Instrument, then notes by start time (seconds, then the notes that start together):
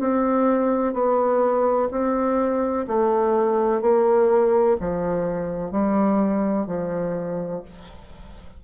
bassoon
0.00 C4
0.94 B3
1.91 C4
2.87 A3
3.82 A#3
4.81 F3
5.71 G3
6.67 F3